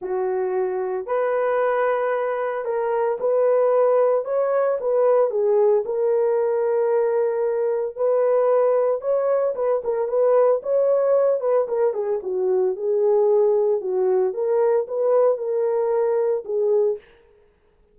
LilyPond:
\new Staff \with { instrumentName = "horn" } { \time 4/4 \tempo 4 = 113 fis'2 b'2~ | b'4 ais'4 b'2 | cis''4 b'4 gis'4 ais'4~ | ais'2. b'4~ |
b'4 cis''4 b'8 ais'8 b'4 | cis''4. b'8 ais'8 gis'8 fis'4 | gis'2 fis'4 ais'4 | b'4 ais'2 gis'4 | }